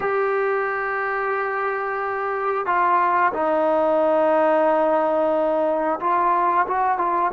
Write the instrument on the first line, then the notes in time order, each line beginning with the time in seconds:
trombone
0.00 G4
2.65 F4
3.33 D#4
5.99 F4
6.67 F#4
6.98 F4